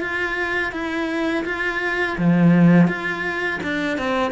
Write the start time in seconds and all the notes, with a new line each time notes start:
0.00 F4
0.72 E4
1.45 F4
2.18 F3
2.87 F4
3.63 D4
3.98 C4